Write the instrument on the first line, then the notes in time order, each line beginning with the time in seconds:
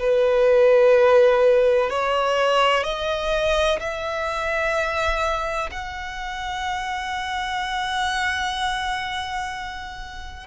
violin
0.00 B4
1.90 C#5
2.84 D#5
3.80 E5
5.72 F#5